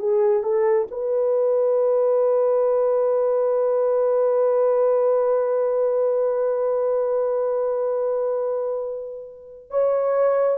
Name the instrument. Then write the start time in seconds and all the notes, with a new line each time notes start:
horn
0.00 G#4
0.44 A4
0.91 B4
9.71 C#5